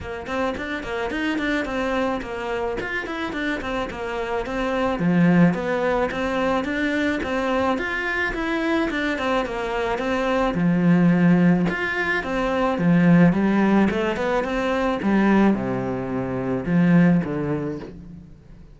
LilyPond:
\new Staff \with { instrumentName = "cello" } { \time 4/4 \tempo 4 = 108 ais8 c'8 d'8 ais8 dis'8 d'8 c'4 | ais4 f'8 e'8 d'8 c'8 ais4 | c'4 f4 b4 c'4 | d'4 c'4 f'4 e'4 |
d'8 c'8 ais4 c'4 f4~ | f4 f'4 c'4 f4 | g4 a8 b8 c'4 g4 | c2 f4 d4 | }